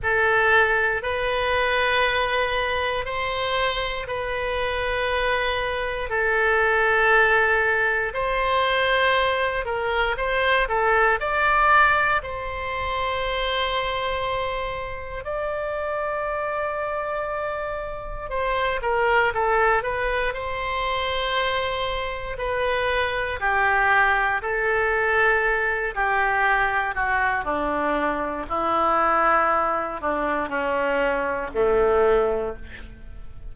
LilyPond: \new Staff \with { instrumentName = "oboe" } { \time 4/4 \tempo 4 = 59 a'4 b'2 c''4 | b'2 a'2 | c''4. ais'8 c''8 a'8 d''4 | c''2. d''4~ |
d''2 c''8 ais'8 a'8 b'8 | c''2 b'4 g'4 | a'4. g'4 fis'8 d'4 | e'4. d'8 cis'4 a4 | }